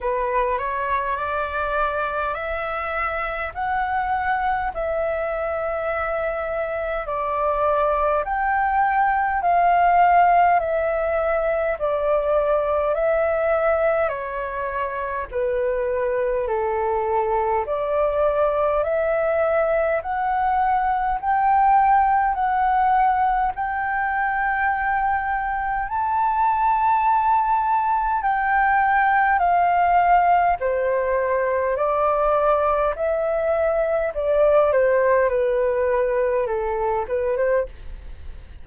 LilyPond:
\new Staff \with { instrumentName = "flute" } { \time 4/4 \tempo 4 = 51 b'8 cis''8 d''4 e''4 fis''4 | e''2 d''4 g''4 | f''4 e''4 d''4 e''4 | cis''4 b'4 a'4 d''4 |
e''4 fis''4 g''4 fis''4 | g''2 a''2 | g''4 f''4 c''4 d''4 | e''4 d''8 c''8 b'4 a'8 b'16 c''16 | }